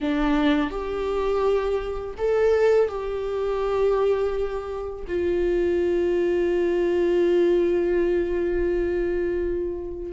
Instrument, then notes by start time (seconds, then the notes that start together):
viola
0.00 D4
0.70 G4
2.17 A4
2.88 G4
5.07 F4